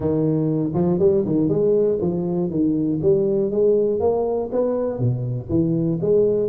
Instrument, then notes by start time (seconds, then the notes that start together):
tuba
0.00 D#3
0.74 F3
0.99 G3
1.25 D#3
1.48 G#3
2.01 F3
2.50 D#3
3.02 G3
3.50 G#3
4.00 A#3
4.52 B3
4.98 B2
5.49 E3
6.01 G#3